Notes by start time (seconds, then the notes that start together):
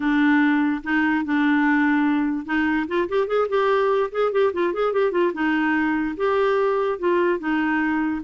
0.00 D4
0.83 D#4
1.25 D4
2.45 D#4
2.87 F4
3.08 G4
3.27 G#4
3.48 G4
4.11 G#4
4.32 G4
4.53 F4
4.73 G#4
4.92 G4
5.11 F4
5.33 D#4
6.16 G4
6.98 F4
7.39 D#4